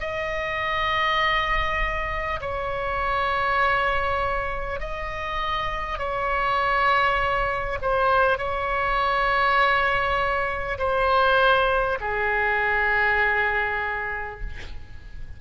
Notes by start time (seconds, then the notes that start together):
0.00 D#5
2.41 C#5
4.80 D#5
5.98 C#5
7.81 C5
8.38 C#5
10.78 C5
12.00 G#4